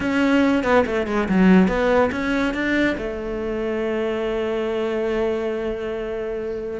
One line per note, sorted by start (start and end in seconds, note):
0.00 0.63 C#4
0.63 0.84 B3
0.86 1.06 A3
1.06 1.28 G#3
1.28 1.68 F#3
1.68 2.10 B3
2.11 2.54 C#4
2.54 2.96 D4
2.97 6.80 A3